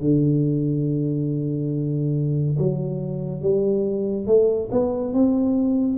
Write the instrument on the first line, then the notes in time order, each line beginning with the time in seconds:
tuba
0.00 D3
2.58 F#3
3.42 G3
4.27 A3
4.71 B3
5.14 C4